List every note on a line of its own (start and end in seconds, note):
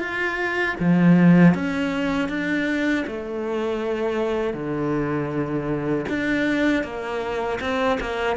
0.00 0.76 F4
0.80 1.54 F3
1.54 2.29 C#4
2.29 3.05 D4
3.07 4.54 A3
4.54 6.06 D3
6.09 6.84 D4
6.84 7.59 A#3
7.61 7.99 C4
8.00 8.36 A#3